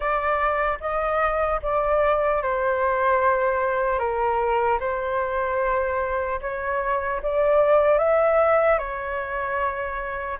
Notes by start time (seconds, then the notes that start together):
0.00 D5
0.80 D#5
1.62 D5
2.42 C5
3.98 A#4
4.80 C5
6.41 C#5
7.22 D5
7.98 E5
8.78 C#5